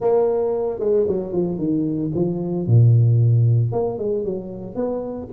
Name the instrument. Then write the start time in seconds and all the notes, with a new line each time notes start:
tuba
0.00 A#3
0.79 G#3
1.07 F#3
1.33 F3
1.57 D#3
2.14 F3
2.67 A#2
3.72 A#3
3.98 G#3
4.25 F#3
4.75 B3